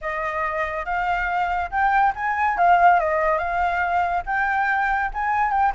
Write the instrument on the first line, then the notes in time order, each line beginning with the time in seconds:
flute
0.01 D#5
0.85 F5
1.70 G5
2.15 G#5
2.57 F5
2.99 D#5
3.38 F5
4.26 G5
5.13 G#5
5.51 G5